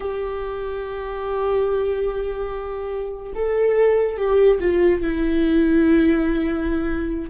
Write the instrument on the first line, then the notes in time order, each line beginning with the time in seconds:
viola
0.00 G4
3.34 A4
4.17 G4
4.60 F4
5.01 E4